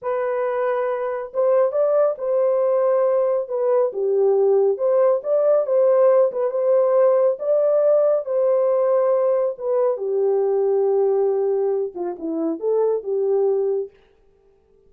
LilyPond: \new Staff \with { instrumentName = "horn" } { \time 4/4 \tempo 4 = 138 b'2. c''4 | d''4 c''2. | b'4 g'2 c''4 | d''4 c''4. b'8 c''4~ |
c''4 d''2 c''4~ | c''2 b'4 g'4~ | g'2.~ g'8 f'8 | e'4 a'4 g'2 | }